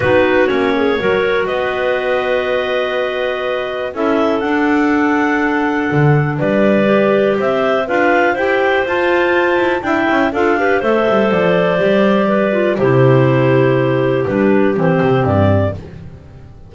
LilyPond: <<
  \new Staff \with { instrumentName = "clarinet" } { \time 4/4 \tempo 4 = 122 b'4 cis''2 dis''4~ | dis''1 | e''4 fis''2.~ | fis''4 d''2 e''4 |
f''4 g''4 a''2 | g''4 f''4 e''4 d''4~ | d''2 c''2~ | c''4 b'4 c''4 d''4 | }
  \new Staff \with { instrumentName = "clarinet" } { \time 4/4 fis'4. gis'8 ais'4 b'4~ | b'1 | a'1~ | a'4 b'2 c''4 |
b'4 c''2. | e''4 a'8 b'8 c''2~ | c''4 b'4 g'2~ | g'1 | }
  \new Staff \with { instrumentName = "clarinet" } { \time 4/4 dis'4 cis'4 fis'2~ | fis'1 | e'4 d'2.~ | d'2 g'2 |
f'4 g'4 f'2 | e'4 f'8 g'8 a'2 | g'4. f'8 e'2~ | e'4 d'4 c'2 | }
  \new Staff \with { instrumentName = "double bass" } { \time 4/4 b4 ais4 fis4 b4~ | b1 | cis'4 d'2. | d4 g2 c'4 |
d'4 e'4 f'4. e'8 | d'8 cis'8 d'4 a8 g8 f4 | g2 c2~ | c4 g4 e8 c8 g,4 | }
>>